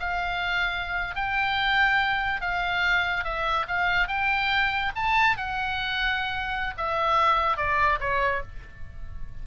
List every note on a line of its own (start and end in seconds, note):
0.00 1.16 F5
1.16 2.41 G5
2.41 3.24 F5
3.24 3.66 E5
3.68 4.08 F5
4.08 4.92 G5
4.96 5.37 A5
5.37 6.75 F#5
6.78 7.57 E5
7.57 7.99 D5
8.00 8.43 C#5